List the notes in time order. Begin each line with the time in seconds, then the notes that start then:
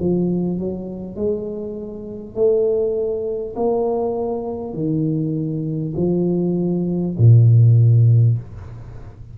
0.00 F3
0.59 F#3
1.16 G#3
2.35 A3
3.56 A#3
4.74 D#3
5.97 F3
7.18 A#2